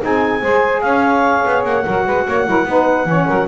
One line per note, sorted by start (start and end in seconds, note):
0.00 0.42 C4
0.00 0.41 D#4
0.00 0.41 G#4
0.00 0.81 G#5
0.41 0.83 G#3
0.41 1.84 G#4
0.41 0.82 C5
0.81 1.44 C#4
0.81 1.85 C#5
0.81 1.62 F5
1.45 1.64 B3
1.64 1.85 A#3
1.64 3.48 F#5
1.85 2.07 F#3
1.85 2.46 F#4
1.85 2.05 A#4
2.06 2.27 G#3
2.06 2.26 B4
2.27 2.47 A#3
2.27 2.47 C#5
2.46 2.65 F#3
2.46 2.66 E4
2.46 2.67 A#4
2.65 3.05 B3
2.65 3.08 D#4
2.65 3.08 B4
3.05 3.26 E3
3.05 3.48 C#4
3.05 3.28 C#5
3.28 3.48 F#3
3.28 3.48 A#4